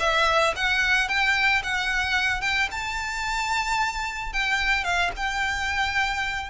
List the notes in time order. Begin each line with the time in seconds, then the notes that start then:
0.00 E5
0.56 F#5
1.09 G5
1.64 F#5
2.42 G5
2.71 A5
4.33 G5
4.85 F5
5.17 G5